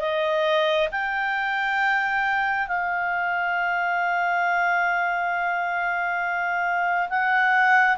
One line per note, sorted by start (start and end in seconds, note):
0.00 0.88 D#5
0.91 2.67 G5
2.67 7.08 F5
7.09 7.97 F#5